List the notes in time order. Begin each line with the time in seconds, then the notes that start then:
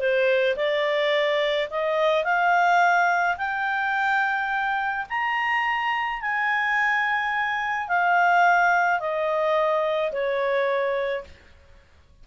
0.00 C5
0.57 D5
1.71 D#5
2.25 F5
3.38 G5
5.10 A#5
6.22 G#5
7.89 F5
9.00 D#5
10.13 C#5